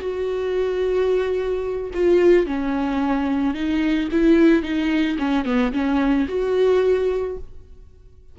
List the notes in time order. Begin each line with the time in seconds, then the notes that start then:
0.00 F#4
1.94 F4
2.46 C#4
3.55 D#4
4.12 E4
4.63 D#4
5.19 C#4
5.45 B3
5.73 C#4
6.29 F#4